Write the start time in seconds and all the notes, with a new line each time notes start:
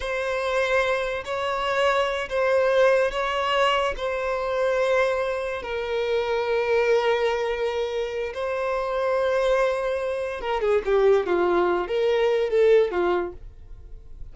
0.00 C5
1.24 C#5
2.29 C5
3.11 C#5
3.96 C5
5.62 A#4
8.34 C5
10.41 A#4
10.61 G#4
10.85 G4
11.26 F4
11.87 A#4
12.50 A4
12.91 F4